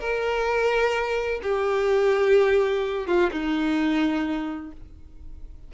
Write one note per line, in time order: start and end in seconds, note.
0.00 1.41 A#4
1.43 3.07 G4
3.07 3.30 F4
3.31 4.72 D#4